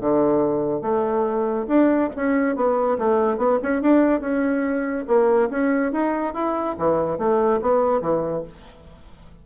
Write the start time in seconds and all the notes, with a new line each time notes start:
0.00 D3
0.81 A3
1.67 D4
2.15 C#4
2.55 B3
2.98 A3
3.37 B3
3.62 C#4
3.81 D4
4.20 C#4
5.07 A#3
5.49 C#4
5.92 D#4
6.33 E4
6.78 E3
7.18 A3
7.61 B3
8.01 E3